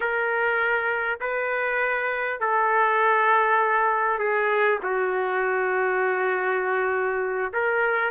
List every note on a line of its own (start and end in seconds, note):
0.00 1.19 A#4
1.20 2.39 B4
2.39 4.18 A4
4.18 4.78 G#4
4.82 7.52 F#4
7.53 8.10 A#4